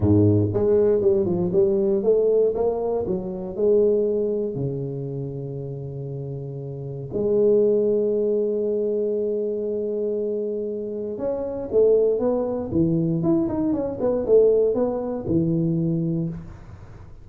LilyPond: \new Staff \with { instrumentName = "tuba" } { \time 4/4 \tempo 4 = 118 gis,4 gis4 g8 f8 g4 | a4 ais4 fis4 gis4~ | gis4 cis2.~ | cis2 gis2~ |
gis1~ | gis2 cis'4 a4 | b4 e4 e'8 dis'8 cis'8 b8 | a4 b4 e2 | }